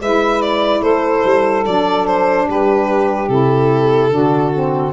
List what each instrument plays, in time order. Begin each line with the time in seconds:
0.00 tuba G#3, saxophone E4 B4, violin E5
0.41 violin D5
0.81 tuba A3, saxophone A4, violin C5
1.24 tuba G3
1.65 tuba F#3, saxophone D4, violin D5
2.07 violin C5
2.45 tuba G3, saxophone G4, violin B4
3.28 tuba C3, saxophone E4, violin A4
4.10 tuba D3, saxophone D4 F#4
4.53 saxophone C4